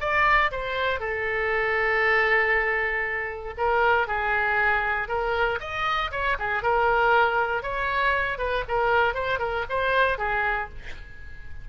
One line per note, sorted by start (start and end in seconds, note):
0.00 0.51 D5
0.52 1.00 C5
1.00 3.54 A4
3.57 4.07 A#4
4.07 5.08 G#4
5.08 5.59 A#4
5.60 6.11 D#5
6.11 6.37 C#5
6.39 6.63 G#4
6.63 7.62 A#4
7.62 8.38 C#5
8.38 8.64 B4
8.68 9.14 A#4
9.14 9.39 C5
9.39 9.64 A#4
9.69 10.18 C5
10.18 10.69 G#4